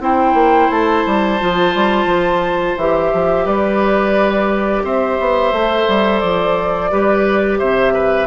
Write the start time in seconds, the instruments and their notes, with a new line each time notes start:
0.00 bassoon C4, clarinet E4, oboe C5, flute G5
0.33 bassoon A#3
0.70 bassoon A3, flute A5
1.06 bassoon G3
1.39 bassoon F3, clarinet F4
1.74 bassoon G3
2.05 bassoon F3
2.77 bassoon E3, clarinet G4, flute E5
3.13 bassoon F3
3.45 bassoon G3, oboe B4, flute D5
4.83 bassoon C4, oboe C5, flute E5
5.19 bassoon B3
5.52 bassoon A3, clarinet A4
5.88 bassoon G3
6.20 bassoon F3, flute D5
6.90 bassoon G3, clarinet G4, oboe B4
7.58 bassoon C3, oboe C5, flute E5
7.93 oboe B4